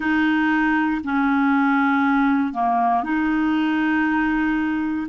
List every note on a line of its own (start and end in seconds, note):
0.00 1.01 D#4
1.04 2.53 C#4
2.53 3.03 A#3
3.03 5.07 D#4